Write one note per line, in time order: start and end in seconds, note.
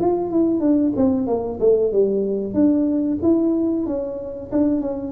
0.00 0.30 F4
0.30 0.60 E4
0.60 0.92 D4
0.96 1.27 C4
1.27 1.59 A#3
1.60 1.92 A3
1.92 2.54 G3
2.54 3.18 D4
3.22 3.86 E4
3.86 4.50 C#4
4.52 4.81 D4
4.81 5.12 C#4